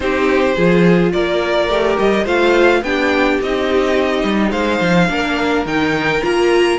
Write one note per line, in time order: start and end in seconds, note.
0.00 0.56 C4
0.00 0.55 D#4
0.00 0.55 G4
0.00 1.12 C5
0.55 1.13 F3
0.55 1.70 F4
0.55 1.12 G#4
1.12 1.68 A#3
1.12 2.24 A#4
1.12 1.97 D5
1.68 1.97 A3
1.68 2.25 G4
1.98 2.25 G3
1.98 2.27 D#5
2.24 2.82 A3
2.24 2.82 F4
2.24 2.80 C5
2.24 2.83 F5
2.82 3.38 B3
2.82 3.41 D4
2.82 4.51 G4
2.82 3.39 G5
3.41 4.23 C4
3.41 5.08 D#4
3.41 4.51 D#5
4.23 4.51 G3
4.51 4.80 G#3
4.51 5.07 C5
4.51 5.64 F5
4.80 5.09 F3
5.08 5.65 A#3
5.08 5.65 D4
5.08 6.78 A#4
5.65 6.21 D#3
5.65 6.21 D#4
5.65 6.23 G5
6.21 6.78 A#3
6.21 6.78 F4
6.21 6.78 A#5